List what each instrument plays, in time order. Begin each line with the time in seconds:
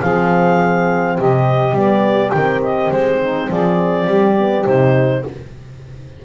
0.00 double bass F3, horn C4, saxophone G#4, clarinet F5
1.16 double bass C3, saxophone G4, clarinet D#5
1.72 double bass G3, horn B3, clarinet D5
2.30 double bass D#3, horn C4, clarinet G5
2.63 clarinet D#5
2.91 double bass G#3, clarinet C5
3.21 saxophone D#4
3.50 double bass F3, saxophone G#4, clarinet D5
4.06 double bass G3, saxophone G4
4.38 horn B3
4.65 double bass C3, horn D#4, clarinet C5